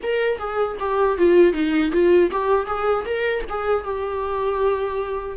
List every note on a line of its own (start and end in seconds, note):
0.02 0.38 A#4
0.38 0.77 G#4
0.79 1.17 G4
1.17 1.52 F4
1.52 1.91 D#4
1.92 2.30 F4
2.31 2.66 G4
2.66 3.04 G#4
3.05 3.43 A#4
3.49 3.84 G#4
3.84 5.37 G4